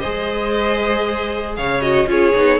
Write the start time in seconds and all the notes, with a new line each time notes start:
0.00 G#3 G#4 C5 D#5
1.57 C#3 C#5 F5
1.81 F#4 D#5
2.06 C#4 F4 G#4 C#5
2.35 B3 D#4